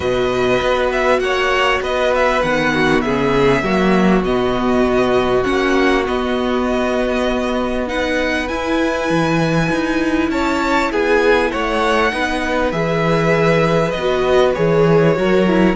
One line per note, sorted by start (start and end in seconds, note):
0.00 0.61 B2
0.00 2.42 F#4
0.00 1.19 B4
0.00 0.90 D#5
0.62 1.19 B3
0.91 1.19 E5
1.19 1.80 A#3
1.19 1.82 C#5
1.19 1.80 F#5
1.81 2.41 B3
1.81 2.73 B4
1.81 2.14 D#5
2.14 2.42 E5
2.42 3.04 D#3
2.42 3.64 B3
2.42 3.01 F#5
2.73 3.04 F#4
3.01 3.62 C#3
3.01 3.64 G#4
3.01 4.22 E5
3.62 4.22 F#3
3.62 4.25 A#3
3.62 7.88 F#4
4.23 5.44 B2
4.23 5.43 B3
4.23 5.43 D#5
5.43 6.08 A#3
5.43 6.04 C#4
5.43 6.03 F#5
6.05 7.87 B3
6.05 8.49 B3
6.05 7.88 D#5
7.87 8.47 D#4
7.87 10.31 B4
7.87 8.48 F#5
8.48 12.11 E4
8.48 9.10 E4
8.48 10.29 G#5
9.10 9.70 E3
9.71 10.29 D#4
10.29 10.89 C#4
10.29 10.92 C#5
10.29 10.91 A5
10.92 11.52 B3
10.92 11.51 G#4
10.92 11.51 G#5
11.51 12.12 A3
11.51 12.11 C#5
11.51 12.71 F#5
12.11 12.72 B3
12.11 12.71 D#4
12.11 15.16 B4
12.71 13.93 E3
12.71 13.92 G#4
12.71 13.90 E5
13.90 14.55 B3
13.90 14.51 D#5
13.98 14.54 F#4
14.54 15.17 E3
14.54 15.15 G#4
14.54 15.75 C#5
15.15 15.76 F#3
15.15 15.45 F#4
15.15 15.76 A#4
15.47 15.76 E4